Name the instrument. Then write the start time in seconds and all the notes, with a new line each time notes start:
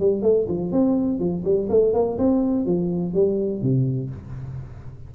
tuba
0.00 G3
0.22 A3
0.48 F3
0.72 C4
1.19 F3
1.45 G3
1.69 A3
1.93 A#3
2.18 C4
2.66 F3
3.14 G3
3.62 C3